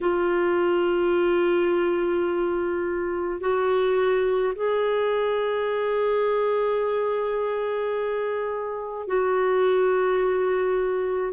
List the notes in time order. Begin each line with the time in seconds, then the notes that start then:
0.01 F4
3.40 F#4
4.55 G#4
9.07 F#4